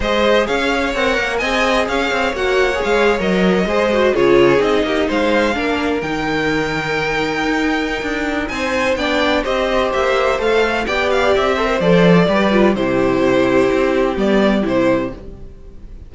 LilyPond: <<
  \new Staff \with { instrumentName = "violin" } { \time 4/4 \tempo 4 = 127 dis''4 f''4 fis''4 gis''4 | f''4 fis''4 f''8. dis''4~ dis''16~ | dis''8. cis''4 dis''4 f''4~ f''16~ | f''8. g''2.~ g''16~ |
g''2 gis''4 g''4 | dis''4 e''4 f''4 g''8 f''8 | e''4 d''2 c''4~ | c''2 d''4 c''4 | }
  \new Staff \with { instrumentName = "violin" } { \time 4/4 c''4 cis''2 dis''4 | cis''2.~ cis''8. c''16~ | c''8. gis'4. g'8 c''4 ais'16~ | ais'1~ |
ais'2 c''4 d''4 | c''2. d''4~ | d''8 c''4. b'4 g'4~ | g'1 | }
  \new Staff \with { instrumentName = "viola" } { \time 4/4 gis'2 ais'4 gis'4~ | gis'4 fis'8. gis'4 ais'4 gis'16~ | gis'16 fis'8 f'4 dis'2 d'16~ | d'8. dis'2.~ dis'16~ |
dis'2. d'4 | g'2 a'4 g'4~ | g'8 a'16 ais'16 a'4 g'8 f'8 e'4~ | e'2 b4 e'4 | }
  \new Staff \with { instrumentName = "cello" } { \time 4/4 gis4 cis'4 c'8 ais8 c'4 | cis'8 c'8 ais4 gis8. fis4 gis16~ | gis8. cis4 c'8 ais8 gis4 ais16~ | ais8. dis2. dis'16~ |
dis'4 d'4 c'4 b4 | c'4 ais4 a4 b4 | c'4 f4 g4 c4~ | c4 c'4 g4 c4 | }
>>